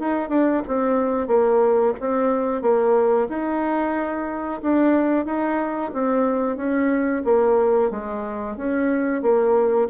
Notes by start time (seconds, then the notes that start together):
0.00 D#4
0.30 D4
0.68 C4
1.28 A#3
2.00 C4
2.63 A#3
3.30 D#4
4.63 D4
5.26 D#4
5.94 C4
6.57 C#4
7.25 A#3
7.91 G#3
8.57 C#4
9.23 A#3